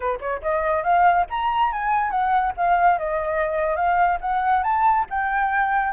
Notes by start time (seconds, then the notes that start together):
0.00 B4
0.20 C#5
0.41 D#5
0.83 F5
1.30 A#5
1.72 G#5
2.10 F#5
2.56 F5
2.98 D#5
3.76 F5
4.20 F#5
4.63 A5
5.10 G5